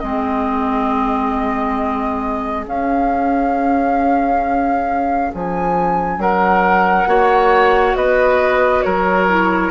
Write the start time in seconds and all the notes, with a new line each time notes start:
0.00 G#3 C4 G#4 D#5
2.67 C#4 F5
5.35 F3 G#5
6.18 F#3 A#4 F#5
7.07 A#3 F#4 C#5
7.96 B3 B4 D#5
8.83 F#3 A#4 C#5
9.29 E4